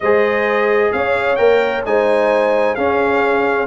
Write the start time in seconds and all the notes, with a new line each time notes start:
0.00 G#3 G#4 C5 D#5
0.92 C#4 C#5 F5
1.35 A#3 A#4 G5
1.85 G#3 D#4 C5 G#5
2.75 C#4 G#4 F5